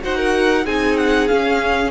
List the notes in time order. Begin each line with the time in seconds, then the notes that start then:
0.00 D#4 F#4 C5 F#5
0.18 A#4
0.66 C4 D#4 G#4 G#5
0.97 F#5
1.28 C#4 F5